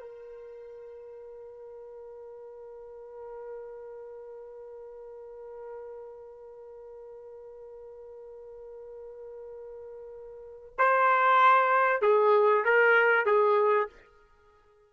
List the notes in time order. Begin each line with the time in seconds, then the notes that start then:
0.00 A#4
10.78 C5
12.02 G#4
12.65 A#4
13.26 G#4